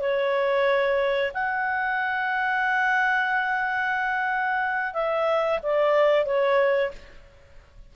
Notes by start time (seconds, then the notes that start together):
0.00 C#5
1.34 F#5
4.94 E5
5.63 D5
6.26 C#5